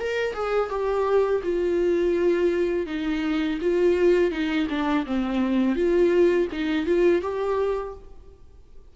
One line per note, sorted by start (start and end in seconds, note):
0.00 0.34 A#4
0.34 0.70 G#4
0.70 1.42 G4
1.44 2.87 F4
2.87 3.59 D#4
3.62 4.31 F4
4.31 4.68 D#4
4.70 5.06 D4
5.07 5.76 C4
5.76 6.48 F4
6.53 6.87 D#4
6.87 7.22 F4
7.22 7.95 G4